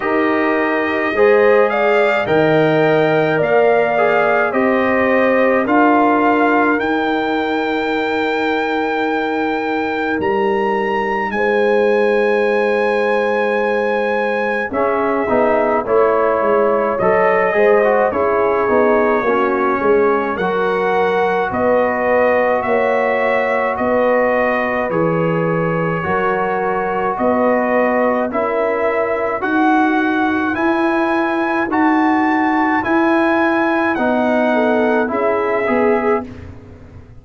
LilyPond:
<<
  \new Staff \with { instrumentName = "trumpet" } { \time 4/4 \tempo 4 = 53 dis''4. f''8 g''4 f''4 | dis''4 f''4 g''2~ | g''4 ais''4 gis''2~ | gis''4 e''4 cis''4 dis''4 |
cis''2 fis''4 dis''4 | e''4 dis''4 cis''2 | dis''4 e''4 fis''4 gis''4 | a''4 gis''4 fis''4 e''4 | }
  \new Staff \with { instrumentName = "horn" } { \time 4/4 ais'4 c''8 d''8 dis''4 d''4 | c''4 ais'2.~ | ais'2 c''2~ | c''4 gis'4 cis''4. c''8 |
gis'4 fis'8 gis'8 ais'4 b'4 | cis''4 b'2 ais'4 | b'4 ais'4 b'2~ | b'2~ b'8 a'8 gis'4 | }
  \new Staff \with { instrumentName = "trombone" } { \time 4/4 g'4 gis'4 ais'4. gis'8 | g'4 f'4 dis'2~ | dis'1~ | dis'4 cis'8 dis'8 e'4 a'8 gis'16 fis'16 |
e'8 dis'8 cis'4 fis'2~ | fis'2 gis'4 fis'4~ | fis'4 e'4 fis'4 e'4 | fis'4 e'4 dis'4 e'8 gis'8 | }
  \new Staff \with { instrumentName = "tuba" } { \time 4/4 dis'4 gis4 dis4 ais4 | c'4 d'4 dis'2~ | dis'4 g4 gis2~ | gis4 cis'8 b8 a8 gis8 fis8 gis8 |
cis'8 b8 ais8 gis8 fis4 b4 | ais4 b4 e4 fis4 | b4 cis'4 dis'4 e'4 | dis'4 e'4 b4 cis'8 b8 | }
>>